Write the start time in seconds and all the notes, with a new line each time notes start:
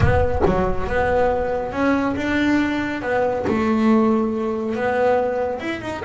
0.00 B3
0.45 F#3
0.87 B3
1.72 C#4
2.15 D4
3.02 B3
3.47 A3
4.75 B3
5.60 E4
5.81 D#4